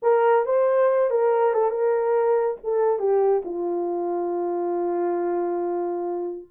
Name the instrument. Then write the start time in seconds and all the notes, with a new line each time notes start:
horn
0.02 A#4
0.45 C5
1.10 A#4
1.53 A4
1.70 A#4
2.63 A4
2.99 G4
3.44 F4